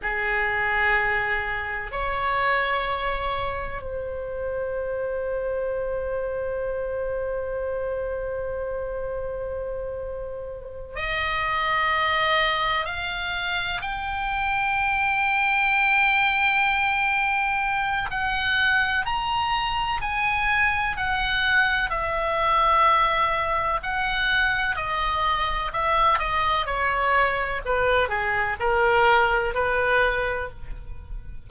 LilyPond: \new Staff \with { instrumentName = "oboe" } { \time 4/4 \tempo 4 = 63 gis'2 cis''2 | c''1~ | c''2.~ c''8 dis''8~ | dis''4. f''4 g''4.~ |
g''2. fis''4 | ais''4 gis''4 fis''4 e''4~ | e''4 fis''4 dis''4 e''8 dis''8 | cis''4 b'8 gis'8 ais'4 b'4 | }